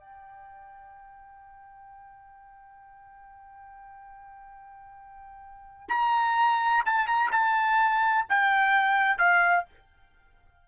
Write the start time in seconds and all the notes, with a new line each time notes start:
0.00 G5
5.89 A#5
6.86 A5
7.08 A#5
7.32 A5
8.30 G5
9.18 F5